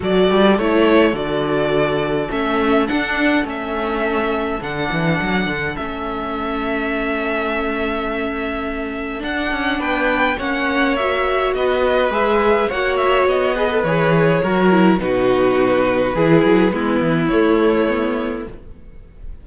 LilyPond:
<<
  \new Staff \with { instrumentName = "violin" } { \time 4/4 \tempo 4 = 104 d''4 cis''4 d''2 | e''4 fis''4 e''2 | fis''2 e''2~ | e''1 |
fis''4 g''4 fis''4 e''4 | dis''4 e''4 fis''8 e''8 dis''4 | cis''2 b'2~ | b'2 cis''2 | }
  \new Staff \with { instrumentName = "violin" } { \time 4/4 a'1~ | a'1~ | a'1~ | a'1~ |
a'4 b'4 cis''2 | b'2 cis''4. b'8~ | b'4 ais'4 fis'2 | gis'4 e'2. | }
  \new Staff \with { instrumentName = "viola" } { \time 4/4 fis'4 e'4 fis'2 | cis'4 d'4 cis'2 | d'2 cis'2~ | cis'1 |
d'2 cis'4 fis'4~ | fis'4 gis'4 fis'4. gis'16 a'16 | gis'4 fis'8 e'8 dis'2 | e'4 b4 a4 b4 | }
  \new Staff \with { instrumentName = "cello" } { \time 4/4 fis8 g8 a4 d2 | a4 d'4 a2 | d8 e8 fis8 d8 a2~ | a1 |
d'8 cis'8 b4 ais2 | b4 gis4 ais4 b4 | e4 fis4 b,2 | e8 fis8 gis8 e8 a2 | }
>>